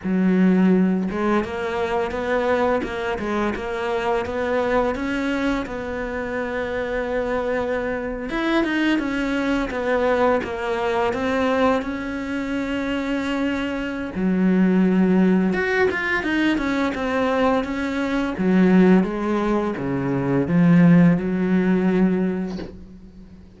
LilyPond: \new Staff \with { instrumentName = "cello" } { \time 4/4 \tempo 4 = 85 fis4. gis8 ais4 b4 | ais8 gis8 ais4 b4 cis'4 | b2.~ b8. e'16~ | e'16 dis'8 cis'4 b4 ais4 c'16~ |
c'8. cis'2.~ cis'16 | fis2 fis'8 f'8 dis'8 cis'8 | c'4 cis'4 fis4 gis4 | cis4 f4 fis2 | }